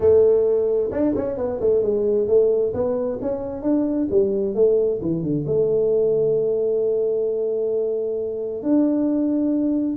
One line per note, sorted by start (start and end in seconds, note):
0.00 0.90 A3
0.91 1.14 D4
1.15 1.37 C#4
1.37 1.60 B3
1.60 1.82 A3
1.82 2.27 G#3
2.27 2.73 A3
2.73 3.19 B3
3.21 3.62 C#4
3.62 4.07 D4
4.10 4.54 G3
4.54 5.00 A3
5.01 5.22 E3
5.22 5.45 D3
5.46 8.62 A3
8.62 9.97 D4